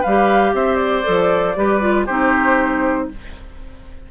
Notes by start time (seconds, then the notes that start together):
0.00 G3 B4 F5
0.07 G4
0.53 C4 C5 E5
0.75 D5
1.03 F3 A4
1.56 G3 G4 B4
1.81 F4
2.06 C4 D#4 G4 C5